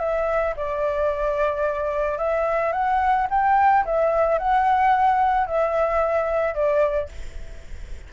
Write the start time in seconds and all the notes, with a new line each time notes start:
0.00 E5
0.57 D5
2.18 E5
2.73 F#5
3.31 G5
3.86 E5
4.39 F#5
5.47 E5
6.55 D5